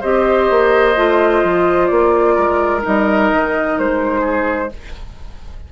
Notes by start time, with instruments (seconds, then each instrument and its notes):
0.00 bassoon C4, clarinet G4, oboe C5, flute D#5
0.49 bassoon A#3
0.96 bassoon A3, clarinet F4
1.43 bassoon F3
1.86 bassoon A#3, flute D5
2.34 bassoon G#3, oboe A#4
2.81 bassoon G3, clarinet D#4, flute D#5
3.31 bassoon D#3
3.78 bassoon G#3, flute C5
4.20 oboe G#4